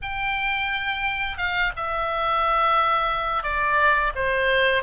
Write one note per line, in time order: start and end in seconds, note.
0.02 1.37 G5
1.37 1.72 F5
1.76 3.43 E5
3.43 4.12 D5
4.15 4.83 C5